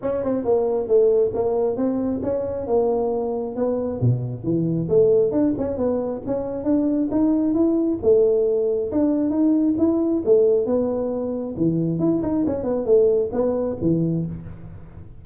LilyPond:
\new Staff \with { instrumentName = "tuba" } { \time 4/4 \tempo 4 = 135 cis'8 c'8 ais4 a4 ais4 | c'4 cis'4 ais2 | b4 b,4 e4 a4 | d'8 cis'8 b4 cis'4 d'4 |
dis'4 e'4 a2 | d'4 dis'4 e'4 a4 | b2 e4 e'8 dis'8 | cis'8 b8 a4 b4 e4 | }